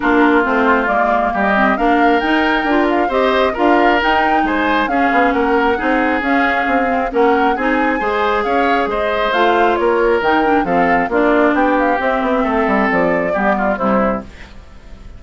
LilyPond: <<
  \new Staff \with { instrumentName = "flute" } { \time 4/4 \tempo 4 = 135 ais'4 c''4 d''4 dis''4 | f''4 g''4. f''8 dis''4 | f''4 g''4 gis''4 f''4 | fis''2 f''2 |
fis''4 gis''2 f''4 | dis''4 f''4 cis''4 g''4 | f''4 d''4 g''8 f''8 e''4~ | e''4 d''2 c''4 | }
  \new Staff \with { instrumentName = "oboe" } { \time 4/4 f'2. g'4 | ais'2. c''4 | ais'2 c''4 gis'4 | ais'4 gis'2. |
ais'4 gis'4 c''4 cis''4 | c''2 ais'2 | a'4 f'4 g'2 | a'2 g'8 f'8 e'4 | }
  \new Staff \with { instrumentName = "clarinet" } { \time 4/4 d'4 c'4 ais4. c'8 | d'4 dis'4 f'4 g'4 | f'4 dis'2 cis'4~ | cis'4 dis'4 cis'4. c'8 |
cis'4 dis'4 gis'2~ | gis'4 f'2 dis'8 d'8 | c'4 d'2 c'4~ | c'2 b4 g4 | }
  \new Staff \with { instrumentName = "bassoon" } { \time 4/4 ais4 a4 gis4 g4 | ais4 dis'4 d'4 c'4 | d'4 dis'4 gis4 cis'8 b8 | ais4 c'4 cis'4 c'4 |
ais4 c'4 gis4 cis'4 | gis4 a4 ais4 dis4 | f4 ais4 b4 c'8 b8 | a8 g8 f4 g4 c4 | }
>>